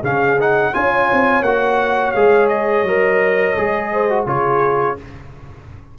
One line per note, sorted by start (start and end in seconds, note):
0.00 0.73 C#3
0.00 0.38 C#4
0.00 0.71 G#4
0.00 0.40 F5
0.40 0.73 D#4
0.40 0.74 F#5
0.73 1.11 C#4
0.73 1.44 F4
0.73 3.92 C#5
0.73 1.43 G#5
1.12 1.42 C4
1.42 2.12 A#3
1.42 2.16 F#4
1.42 2.12 F#5
2.12 2.83 G#3
2.12 2.86 G#4
2.12 2.47 F5
2.48 4.25 D#5
2.83 3.54 F#3
2.83 3.57 A#4
3.57 4.26 G#3
3.57 4.09 G#4
3.92 4.26 C5
4.09 4.26 F#4
4.26 4.96 C#3
4.26 4.97 F4
4.26 4.97 G#4
4.26 4.98 C#5